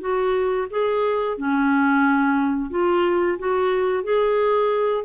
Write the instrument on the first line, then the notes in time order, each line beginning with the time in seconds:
clarinet
0.00 F#4
0.70 G#4
1.38 C#4
2.70 F4
3.39 F#4
4.03 G#4